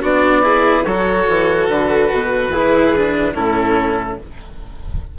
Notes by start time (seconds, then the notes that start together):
0.00 B3 D4 F#4 D5
0.43 E4 G#4
0.84 F#3 F#4 A4 C#5
1.28 E3
1.68 D3 B4
2.12 B2
2.49 E3 E4 G#4
2.96 D4
3.34 A2 C#4 E4 A4